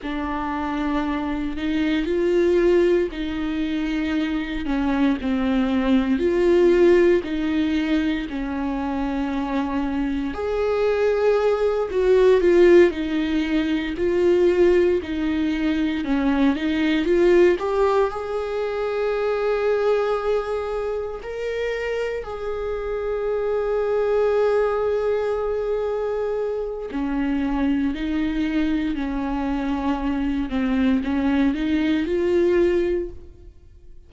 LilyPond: \new Staff \with { instrumentName = "viola" } { \time 4/4 \tempo 4 = 58 d'4. dis'8 f'4 dis'4~ | dis'8 cis'8 c'4 f'4 dis'4 | cis'2 gis'4. fis'8 | f'8 dis'4 f'4 dis'4 cis'8 |
dis'8 f'8 g'8 gis'2~ gis'8~ | gis'8 ais'4 gis'2~ gis'8~ | gis'2 cis'4 dis'4 | cis'4. c'8 cis'8 dis'8 f'4 | }